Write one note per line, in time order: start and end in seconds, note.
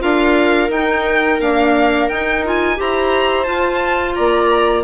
0.00 0.70 D4
0.00 0.69 F4
0.00 2.78 A#4
0.00 0.71 F5
0.70 1.39 D#4
0.70 1.42 D#4
0.70 1.41 G5
1.41 2.10 A#3
1.41 2.10 D4
1.41 2.09 F5
2.09 2.79 D#4
2.09 2.46 D#4
2.09 2.44 G5
2.46 2.77 F4
2.46 2.81 G#5
2.77 3.47 E4
2.77 3.46 G4
2.77 4.17 C5
2.77 3.44 A#5
3.44 4.84 F4
3.44 4.16 F4
3.44 4.13 A5
4.15 4.84 A#3
4.15 4.84 D5
4.15 4.84 A#5